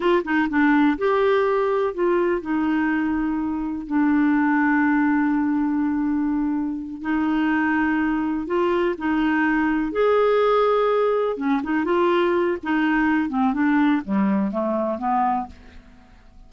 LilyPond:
\new Staff \with { instrumentName = "clarinet" } { \time 4/4 \tempo 4 = 124 f'8 dis'8 d'4 g'2 | f'4 dis'2. | d'1~ | d'2~ d'8 dis'4.~ |
dis'4. f'4 dis'4.~ | dis'8 gis'2. cis'8 | dis'8 f'4. dis'4. c'8 | d'4 g4 a4 b4 | }